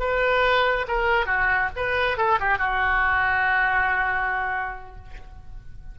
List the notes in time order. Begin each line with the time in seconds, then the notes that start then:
0.00 B4
0.88 A#4
1.26 F#4
1.76 B4
2.17 A4
2.40 G4
2.58 F#4